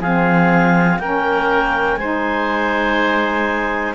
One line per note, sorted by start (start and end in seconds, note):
0.00 0.98 F3
0.00 1.01 C4
0.00 0.99 G#4
0.00 0.99 F5
0.99 1.97 A#3
0.99 2.00 C#4
0.99 2.00 A#4
0.99 1.97 G5
1.97 3.94 G#3
1.97 3.95 D#4
1.97 3.95 C5
1.97 3.94 G#5